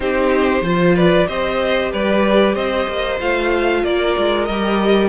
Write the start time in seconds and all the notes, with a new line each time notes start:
0.00 C4 D#4 G4 C5
0.61 F3 F4 C5
0.95 B4 D5
1.27 C4 G4 C5 D#5
1.91 G3 B4 D5
2.54 C4 C5 D#5
2.87 A#3
3.20 A3 F4 F5
3.83 A#3 A#4 D5
4.17 G#3
4.44 G3 G4 D#5